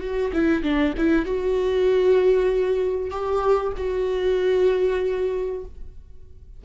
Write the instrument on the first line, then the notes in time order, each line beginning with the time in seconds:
viola
0.00 F#4
0.33 E4
0.63 D4
0.97 E4
1.25 F#4
3.10 G4
3.77 F#4